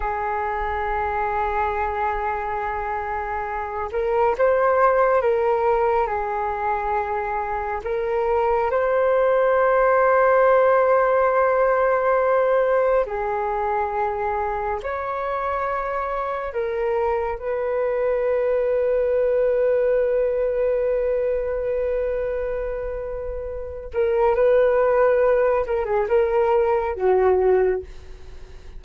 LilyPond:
\new Staff \with { instrumentName = "flute" } { \time 4/4 \tempo 4 = 69 gis'1~ | gis'8 ais'8 c''4 ais'4 gis'4~ | gis'4 ais'4 c''2~ | c''2. gis'4~ |
gis'4 cis''2 ais'4 | b'1~ | b'2.~ b'8 ais'8 | b'4. ais'16 gis'16 ais'4 fis'4 | }